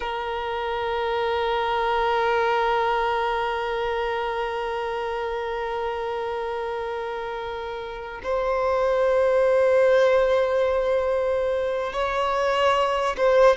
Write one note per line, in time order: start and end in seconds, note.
0.00 8.21 A#4
8.23 11.93 C5
11.93 13.16 C#5
13.17 13.56 C5